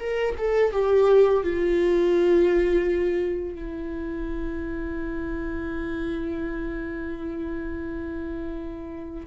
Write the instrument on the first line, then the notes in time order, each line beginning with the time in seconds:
viola
0.00 A#4
0.38 A4
0.72 G4
1.44 F4
3.55 E4